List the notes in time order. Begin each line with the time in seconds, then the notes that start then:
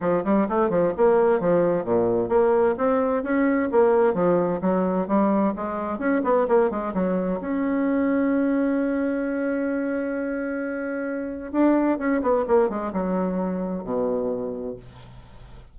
0.00 F3
0.24 G3
0.48 A3
0.69 F3
0.97 A#3
1.40 F3
1.84 A#2
2.28 A#3
2.77 C4
3.23 C#4
3.71 A#3
4.14 F3
4.61 F#3
5.07 G3
5.56 G#3
5.98 C#4
6.24 B3
6.48 A#3
6.70 G#3
6.94 F#3
7.40 C#4
11.52 D4
11.98 C#4
12.21 B3
12.47 A#3
12.69 G#3
12.92 F#3
13.83 B2